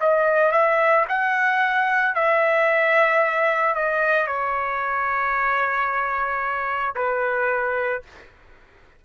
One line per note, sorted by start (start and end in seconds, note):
0.00 0.52 D#5
0.52 1.05 E5
1.08 2.15 F#5
2.15 3.75 E5
3.75 4.27 D#5
4.27 6.94 C#5
6.95 8.02 B4